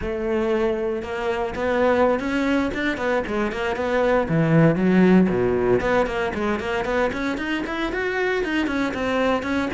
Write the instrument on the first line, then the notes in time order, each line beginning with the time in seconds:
cello
0.01 A3
1.02 A#3
1.55 B3
2.19 C#4
2.74 D4
2.97 B3
3.26 G#3
3.52 A#3
3.75 B3
4.28 E3
4.75 F#3
5.29 B2
5.80 B3
6.06 A#3
6.34 G#3
6.59 A#3
6.85 B3
7.12 C#4
7.37 D#4
7.66 E4
7.92 F#4
8.44 D#4
8.67 C#4
8.93 C4
9.43 C#4